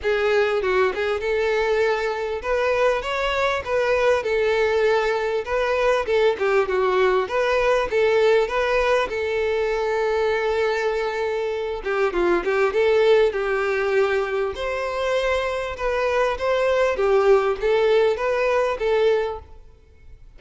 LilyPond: \new Staff \with { instrumentName = "violin" } { \time 4/4 \tempo 4 = 99 gis'4 fis'8 gis'8 a'2 | b'4 cis''4 b'4 a'4~ | a'4 b'4 a'8 g'8 fis'4 | b'4 a'4 b'4 a'4~ |
a'2.~ a'8 g'8 | f'8 g'8 a'4 g'2 | c''2 b'4 c''4 | g'4 a'4 b'4 a'4 | }